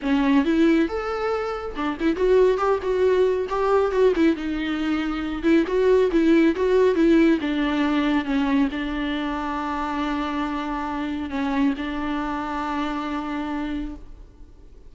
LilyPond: \new Staff \with { instrumentName = "viola" } { \time 4/4 \tempo 4 = 138 cis'4 e'4 a'2 | d'8 e'8 fis'4 g'8 fis'4. | g'4 fis'8 e'8 dis'2~ | dis'8 e'8 fis'4 e'4 fis'4 |
e'4 d'2 cis'4 | d'1~ | d'2 cis'4 d'4~ | d'1 | }